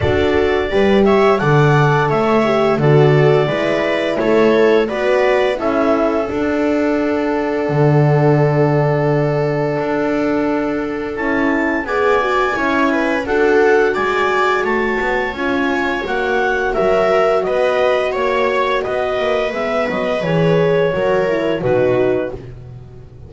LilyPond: <<
  \new Staff \with { instrumentName = "clarinet" } { \time 4/4 \tempo 4 = 86 d''4. e''8 fis''4 e''4 | d''2 cis''4 d''4 | e''4 fis''2.~ | fis''1 |
a''4 gis''2 fis''4 | gis''4 a''4 gis''4 fis''4 | e''4 dis''4 cis''4 dis''4 | e''8 dis''8 cis''2 b'4 | }
  \new Staff \with { instrumentName = "viola" } { \time 4/4 a'4 b'8 cis''8 d''4 cis''4 | a'4 b'4 a'4 b'4 | a'1~ | a'1~ |
a'4 d''4 cis''8 b'8 a'4 | d''4 cis''2. | ais'4 b'4 cis''4 b'4~ | b'2 ais'4 fis'4 | }
  \new Staff \with { instrumentName = "horn" } { \time 4/4 fis'4 g'4 a'4. g'8 | fis'4 e'2 fis'4 | e'4 d'2.~ | d'1 |
e'4 gis'8 fis'8 e'4 fis'4~ | fis'2 f'4 fis'4~ | fis'1 | b4 gis'4 fis'8 e'8 dis'4 | }
  \new Staff \with { instrumentName = "double bass" } { \time 4/4 d'4 g4 d4 a4 | d4 gis4 a4 b4 | cis'4 d'2 d4~ | d2 d'2 |
cis'4 b4 cis'4 d'4 | gis4 a8 b8 cis'4 ais4 | fis4 b4 ais4 b8 ais8 | gis8 fis8 e4 fis4 b,4 | }
>>